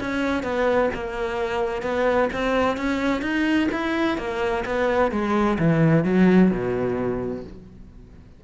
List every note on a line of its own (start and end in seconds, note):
0.00 0.43 C#4
0.43 0.89 B3
0.94 1.82 A#3
1.82 2.29 B3
2.33 2.77 C4
2.77 3.22 C#4
3.22 3.68 D#4
3.72 4.18 E4
4.18 4.64 A#3
4.65 5.11 B3
5.11 5.58 G#3
5.59 6.04 E3
6.04 6.51 F#3
6.51 7.44 B2